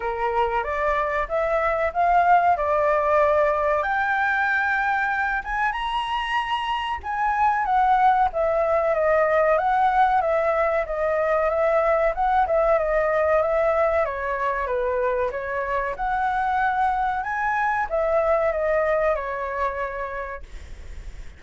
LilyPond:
\new Staff \with { instrumentName = "flute" } { \time 4/4 \tempo 4 = 94 ais'4 d''4 e''4 f''4 | d''2 g''2~ | g''8 gis''8 ais''2 gis''4 | fis''4 e''4 dis''4 fis''4 |
e''4 dis''4 e''4 fis''8 e''8 | dis''4 e''4 cis''4 b'4 | cis''4 fis''2 gis''4 | e''4 dis''4 cis''2 | }